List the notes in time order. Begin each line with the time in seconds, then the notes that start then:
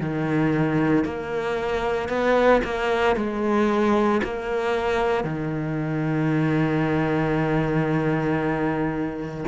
0.00 D#3
1.04 A#3
2.09 B3
2.64 A#3
3.16 G#3
4.23 A#3
5.24 D#3